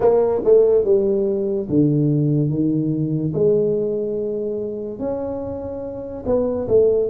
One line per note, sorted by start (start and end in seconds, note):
0.00 0.41 A#3
0.44 0.84 A3
0.84 1.67 G3
1.69 2.49 D3
2.49 3.33 D#3
3.33 4.98 G#3
4.98 6.23 C#4
6.26 6.67 B3
6.68 7.09 A3